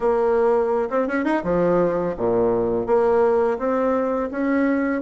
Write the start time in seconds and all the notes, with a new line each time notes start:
0.00 A#3
0.90 C4
1.07 C#4
1.24 D#4
1.43 F3
2.17 A#2
2.86 A#3
3.58 C4
4.31 C#4